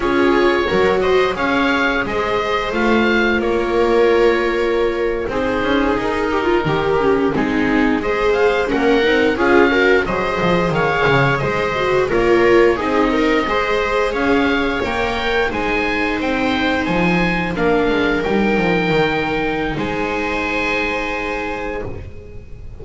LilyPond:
<<
  \new Staff \with { instrumentName = "oboe" } { \time 4/4 \tempo 4 = 88 cis''4. dis''8 f''4 dis''4 | f''4 cis''2~ cis''8. c''16~ | c''8. ais'2 gis'4 dis''16~ | dis''16 f''8 fis''4 f''4 dis''4 f''16~ |
f''8. dis''4 cis''4 dis''4~ dis''16~ | dis''8. f''4 g''4 gis''4 g''16~ | g''8. gis''4 f''4 g''4~ g''16~ | g''4 gis''2. | }
  \new Staff \with { instrumentName = "viola" } { \time 4/4 gis'4 ais'8 c''8 cis''4 c''4~ | c''4 ais'2~ ais'8. gis'16~ | gis'4~ gis'16 g'16 f'16 g'4 dis'4 c''16~ | c''8. ais'4 gis'8 ais'8 c''4 cis''16~ |
cis''8. c''4 ais'4 gis'8 ais'8 c''16~ | c''8. cis''2 c''4~ c''16~ | c''4.~ c''16 ais'2~ ais'16~ | ais'4 c''2. | }
  \new Staff \with { instrumentName = "viola" } { \time 4/4 f'4 fis'4 gis'2 | f'2.~ f'8. dis'16~ | dis'2~ dis'16 cis'8 c'4 gis'16~ | gis'8. cis'8 dis'8 f'8 fis'8 gis'4~ gis'16~ |
gis'4~ gis'16 fis'8 f'4 dis'4 gis'16~ | gis'4.~ gis'16 ais'4 dis'4~ dis'16~ | dis'4.~ dis'16 d'4 dis'4~ dis'16~ | dis'1 | }
  \new Staff \with { instrumentName = "double bass" } { \time 4/4 cis'4 fis4 cis'4 gis4 | a4 ais2~ ais8. c'16~ | c'16 cis'8 dis'4 dis4 gis4~ gis16~ | gis8. ais8 c'8 cis'4 fis8 f8 dis16~ |
dis16 cis8 gis4 ais4 c'4 gis16~ | gis8. cis'4 ais4 gis4 c'16~ | c'8. f4 ais8 gis8 g8 f8 dis16~ | dis4 gis2. | }
>>